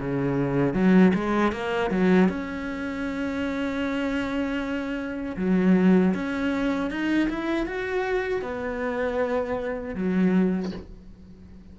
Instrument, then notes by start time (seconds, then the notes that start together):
cello
0.00 C#3
0.74 F#3
1.14 G#3
1.52 A#3
1.90 F#3
2.28 C#4
5.37 F#3
6.14 C#4
6.90 D#4
7.29 E4
7.66 F#4
8.42 B3
9.95 F#3